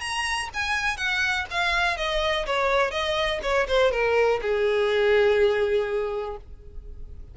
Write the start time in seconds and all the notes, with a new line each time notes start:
0.00 A#5
0.53 G#5
0.97 F#5
1.50 F5
1.97 D#5
2.46 C#5
2.91 D#5
3.43 C#5
3.68 C5
3.91 A#4
4.41 G#4